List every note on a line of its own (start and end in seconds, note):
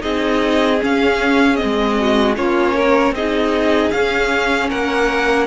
0.00 0.81 C4
0.00 0.78 D#4
0.00 1.98 G#4
0.00 0.79 D#5
0.80 1.56 C#4
0.80 1.61 C#4
0.80 1.56 F5
1.56 2.33 C4
1.56 2.34 D#5
1.63 2.37 G#3
2.00 2.37 F#4
2.36 3.11 A#3
2.36 3.14 C#4
2.36 2.75 F4
2.36 3.14 C#5
2.75 3.14 A#4
3.11 3.88 C4
3.11 3.94 D#4
3.11 4.69 G#4
3.11 3.91 D#5
3.91 4.71 C#4
3.91 5.47 C#4
3.91 4.69 F5
4.69 5.47 A#3
4.69 5.47 A#4
4.69 5.47 F#5